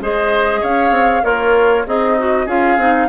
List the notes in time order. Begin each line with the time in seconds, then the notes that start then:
0.00 G#3 G#4 C5 D#5
0.60 C#4 C#5 F5
0.90 C4
1.22 A#3 F4 A#4 C#5
1.86 C4 D#4 G#4 D#5
2.18 F#4
2.45 C#4 F4 G#4 F5
2.77 C4 D#4